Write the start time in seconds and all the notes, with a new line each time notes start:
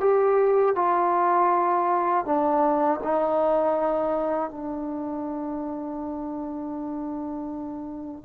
0.00 G4
0.75 F4
2.25 D4
3.03 D#4
4.50 D4